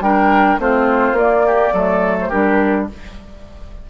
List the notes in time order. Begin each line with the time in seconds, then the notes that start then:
0.00 G3 D4 A#4 G5
0.58 A3 C4 F4 C5
1.12 A#3 D5
1.18 A#3
1.46 G4
1.73 F#3 A3 A4
2.21 C5
2.28 G3 D4 G4 A#4